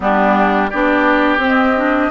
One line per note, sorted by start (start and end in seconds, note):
0.00 0.71 G3
0.00 0.68 B3
0.00 0.70 D4
0.00 0.69 G4
0.69 1.37 B3
0.69 1.39 D4
0.69 2.10 G4
0.69 1.40 D5
1.37 2.08 C4
1.37 1.74 C4
1.46 2.10 D#5
1.76 2.10 D4